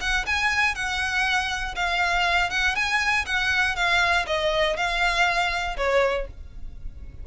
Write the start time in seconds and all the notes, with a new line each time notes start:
0.00 F#5
0.26 G#5
0.75 F#5
1.75 F5
2.50 F#5
2.75 G#5
3.25 F#5
3.75 F5
4.26 D#5
4.76 F5
5.77 C#5